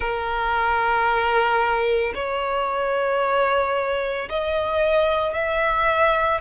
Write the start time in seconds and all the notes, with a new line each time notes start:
0.00 A#4
2.14 C#5
4.29 D#5
5.34 E5